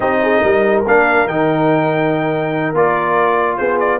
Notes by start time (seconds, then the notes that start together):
0.00 C4 D#4 G4 D#5
0.22 G#4
0.43 G3 A#4
0.86 A#3 D4 F5
1.26 D#3 D#4 G5
2.74 A#3 F4 D5
3.56 B3 G#4 C5
3.79 D5